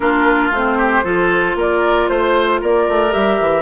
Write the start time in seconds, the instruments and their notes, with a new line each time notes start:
0.00 bassoon A#3, clarinet D4, oboe F4, flute A#4
0.50 bassoon A3, clarinet C4, flute C5
0.77 oboe G4
1.03 bassoon F3, clarinet F4, oboe A4
1.55 bassoon A#3, oboe A#4, flute D5
2.08 bassoon A3, flute C5, oboe C5
2.60 bassoon A#3, oboe A#4, flute D5
2.88 bassoon A3
3.10 bassoon G3, clarinet G4, flute E5
3.40 bassoon E3